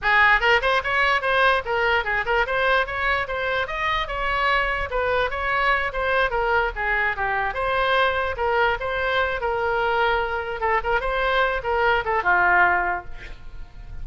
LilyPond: \new Staff \with { instrumentName = "oboe" } { \time 4/4 \tempo 4 = 147 gis'4 ais'8 c''8 cis''4 c''4 | ais'4 gis'8 ais'8 c''4 cis''4 | c''4 dis''4 cis''2 | b'4 cis''4. c''4 ais'8~ |
ais'8 gis'4 g'4 c''4.~ | c''8 ais'4 c''4. ais'4~ | ais'2 a'8 ais'8 c''4~ | c''8 ais'4 a'8 f'2 | }